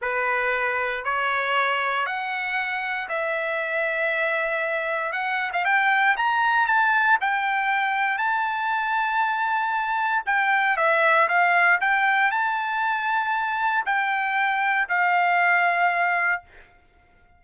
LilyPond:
\new Staff \with { instrumentName = "trumpet" } { \time 4/4 \tempo 4 = 117 b'2 cis''2 | fis''2 e''2~ | e''2 fis''8. f''16 g''4 | ais''4 a''4 g''2 |
a''1 | g''4 e''4 f''4 g''4 | a''2. g''4~ | g''4 f''2. | }